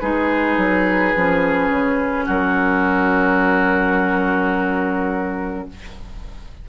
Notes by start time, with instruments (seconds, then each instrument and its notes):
0.00 bassoon G#3, clarinet D#4, oboe G#4, flute B4
0.58 bassoon F#3
1.16 bassoon F3, clarinet C#4
1.70 bassoon C#3
2.26 bassoon F#3, oboe F#4, flute A#4